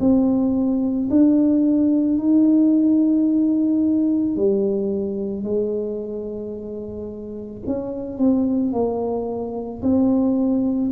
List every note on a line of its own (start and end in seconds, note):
0.00 1.09 C4
1.10 2.18 D4
2.18 4.36 D#4
4.36 5.43 G3
5.43 7.62 G#3
7.66 8.18 C#4
8.18 8.72 C4
8.72 9.81 A#3
9.82 10.91 C4